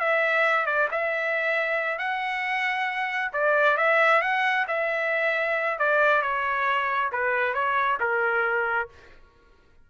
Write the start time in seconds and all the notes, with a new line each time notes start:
0.00 E5
0.66 D5
0.91 E5
1.99 F#5
3.33 D5
3.78 E5
4.22 F#5
4.68 E5
5.79 D5
6.22 C#5
7.12 B4
7.54 C#5
8.00 A#4